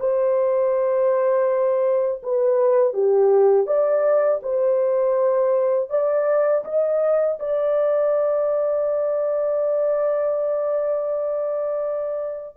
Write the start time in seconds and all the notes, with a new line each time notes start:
0.00 C5
2.23 B4
2.94 G4
3.67 D5
4.43 C5
5.90 D5
6.65 D#5
7.40 D5